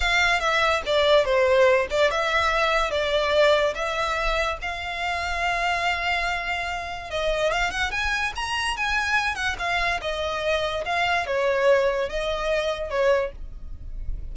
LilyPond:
\new Staff \with { instrumentName = "violin" } { \time 4/4 \tempo 4 = 144 f''4 e''4 d''4 c''4~ | c''8 d''8 e''2 d''4~ | d''4 e''2 f''4~ | f''1~ |
f''4 dis''4 f''8 fis''8 gis''4 | ais''4 gis''4. fis''8 f''4 | dis''2 f''4 cis''4~ | cis''4 dis''2 cis''4 | }